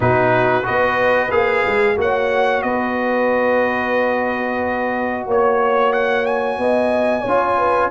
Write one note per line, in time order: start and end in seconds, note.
0.00 0.63 B2
0.00 0.63 D#4
0.00 0.65 F#4
0.00 0.66 B4
0.63 1.31 B3
0.63 1.29 F#4
0.63 1.97 B4
0.63 1.31 D#5
1.31 1.64 A#3
1.31 1.96 G#4
1.31 1.97 F5
1.66 1.97 G#3
1.96 2.63 A#3
1.96 7.23 F#4
1.96 2.64 C#5
1.96 2.62 F#5
2.62 5.26 B3
2.62 5.27 B4
2.62 5.26 D#5
5.26 6.58 A#3
5.26 6.59 C#5
5.26 5.92 C#5
5.92 6.25 F#5
6.25 7.90 G#5
6.58 7.24 B3
6.58 7.21 D#5
7.21 7.91 C#4
7.21 7.54 C#5
7.28 7.91 F4
7.57 7.90 B4